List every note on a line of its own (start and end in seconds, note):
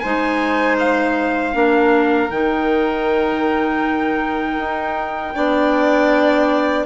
0.00 1.54 G#3
0.00 1.53 D#4
0.00 1.54 C5
0.00 0.76 G#5
0.79 2.31 F5
1.53 2.30 A#3
1.53 2.29 D4
1.53 5.35 A#4
2.30 4.58 D#3
2.30 5.34 D#4
2.30 6.86 G5
4.58 5.34 D#4
5.34 6.86 B3
5.34 6.86 D4
5.34 6.86 D5